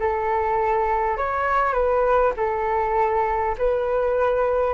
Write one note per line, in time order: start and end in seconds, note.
0.00 1.17 A4
1.17 1.74 C#5
1.74 2.33 B4
2.38 3.56 A4
3.59 4.75 B4